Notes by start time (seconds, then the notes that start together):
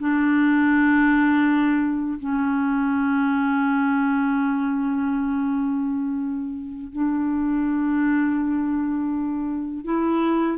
0.00 D4
2.20 C#4
6.92 D4
9.85 E4